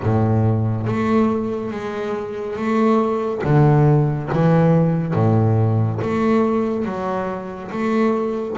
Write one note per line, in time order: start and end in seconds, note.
0.02 0.86 A2
0.86 1.71 A3
1.71 2.56 G#3
2.56 3.42 A3
3.44 4.29 D3
4.32 5.14 E3
5.14 5.99 A2
6.01 6.85 A3
6.85 7.70 F#3
7.71 8.56 A3